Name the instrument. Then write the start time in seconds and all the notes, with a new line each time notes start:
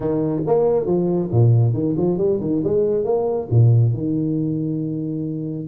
tuba
0.00 D#3
0.46 A#3
0.85 F3
1.31 A#2
1.73 D#3
1.97 F3
2.17 G3
2.40 D#3
2.64 G#3
3.04 A#3
3.50 A#2
3.93 D#3